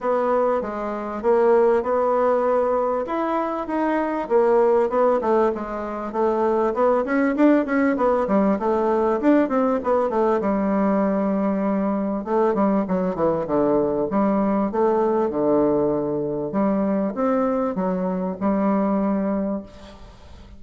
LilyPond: \new Staff \with { instrumentName = "bassoon" } { \time 4/4 \tempo 4 = 98 b4 gis4 ais4 b4~ | b4 e'4 dis'4 ais4 | b8 a8 gis4 a4 b8 cis'8 | d'8 cis'8 b8 g8 a4 d'8 c'8 |
b8 a8 g2. | a8 g8 fis8 e8 d4 g4 | a4 d2 g4 | c'4 fis4 g2 | }